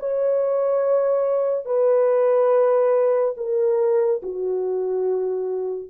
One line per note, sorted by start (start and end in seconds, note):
0.00 1.66 C#5
1.66 3.35 B4
3.38 4.22 A#4
4.23 5.90 F#4